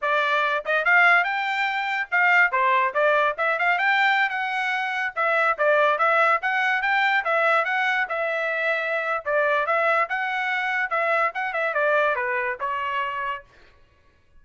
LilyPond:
\new Staff \with { instrumentName = "trumpet" } { \time 4/4 \tempo 4 = 143 d''4. dis''8 f''4 g''4~ | g''4 f''4 c''4 d''4 | e''8 f''8 g''4~ g''16 fis''4.~ fis''16~ | fis''16 e''4 d''4 e''4 fis''8.~ |
fis''16 g''4 e''4 fis''4 e''8.~ | e''2 d''4 e''4 | fis''2 e''4 fis''8 e''8 | d''4 b'4 cis''2 | }